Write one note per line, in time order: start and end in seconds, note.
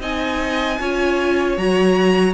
0.00 0.78 C4
0.00 0.78 D#4
0.00 0.79 D#5
0.00 1.57 G#5
0.80 1.57 C#4
0.80 1.58 F4
0.80 2.33 C#5
1.57 2.33 F#3
1.57 2.33 F#4
1.57 2.33 A#5